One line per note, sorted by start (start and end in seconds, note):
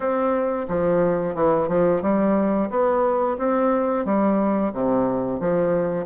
0.00 0.66 C4
0.68 1.34 F3
1.34 1.68 E3
1.68 2.02 F3
2.02 2.69 G3
2.70 3.37 B3
3.38 4.05 C4
4.05 4.72 G3
4.72 5.39 C3
5.39 6.05 F3